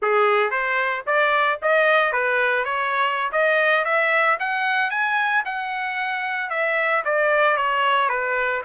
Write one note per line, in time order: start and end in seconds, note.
0.01 0.50 G#4
0.50 1.04 C5
1.06 1.59 D5
1.62 2.12 D#5
2.12 2.65 B4
2.65 3.31 C#5
3.32 3.84 D#5
3.84 4.37 E5
4.39 4.90 F#5
4.90 5.43 G#5
5.45 6.50 F#5
6.50 7.03 E5
7.05 7.56 D5
7.56 8.09 C#5
8.09 8.62 B4